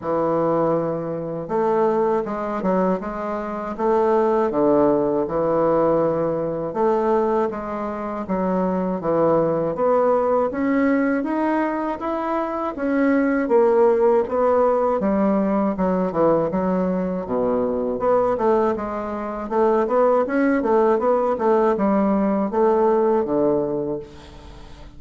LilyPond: \new Staff \with { instrumentName = "bassoon" } { \time 4/4 \tempo 4 = 80 e2 a4 gis8 fis8 | gis4 a4 d4 e4~ | e4 a4 gis4 fis4 | e4 b4 cis'4 dis'4 |
e'4 cis'4 ais4 b4 | g4 fis8 e8 fis4 b,4 | b8 a8 gis4 a8 b8 cis'8 a8 | b8 a8 g4 a4 d4 | }